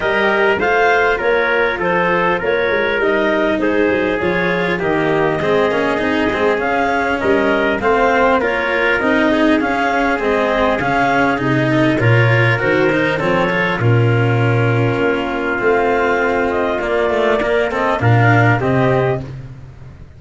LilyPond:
<<
  \new Staff \with { instrumentName = "clarinet" } { \time 4/4 \tempo 4 = 100 dis''4 f''4 cis''4 c''4 | cis''4 dis''4 c''4 cis''4 | dis''2. f''4 | dis''4 f''4 cis''4 dis''4 |
f''4 dis''4 f''4 dis''4 | cis''4 c''4 cis''4 ais'4~ | ais'2 f''4. dis''8 | d''4. dis''8 f''4 dis''4 | }
  \new Staff \with { instrumentName = "trumpet" } { \time 4/4 ais'4 c''4 ais'4 a'4 | ais'2 gis'2 | g'4 gis'2. | ais'4 c''4 ais'4. gis'8~ |
gis'2.~ gis'8 a'8 | ais'2 a'4 f'4~ | f'1~ | f'4 ais'8 a'8 ais'4 g'4 | }
  \new Staff \with { instrumentName = "cello" } { \time 4/4 g'4 f'2.~ | f'4 dis'2 f'4 | ais4 c'8 cis'8 dis'8 c'8 cis'4~ | cis'4 c'4 f'4 dis'4 |
cis'4 c'4 cis'4 dis'4 | f'4 fis'8 dis'8 c'8 f'8 cis'4~ | cis'2 c'2 | ais8 a8 ais8 c'8 d'4 c'4 | }
  \new Staff \with { instrumentName = "tuba" } { \time 4/4 g4 a4 ais4 f4 | ais8 gis8 g4 gis8 fis8 f4 | dis4 gis8 ais8 c'8 gis8 cis'4 | g4 a4 ais4 c'4 |
cis'4 gis4 cis4 c4 | ais,4 dis4 f4 ais,4~ | ais,4 ais4 a2 | ais2 ais,4 c4 | }
>>